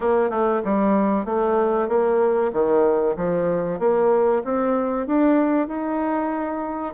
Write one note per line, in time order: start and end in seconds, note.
0.00 0.30 A#3
0.30 0.61 A3
0.64 1.25 G3
1.25 1.88 A3
1.88 2.51 A#3
2.53 3.16 D#3
3.16 3.79 F3
3.79 4.42 A#3
4.44 5.06 C4
5.06 5.67 D4
5.67 6.93 D#4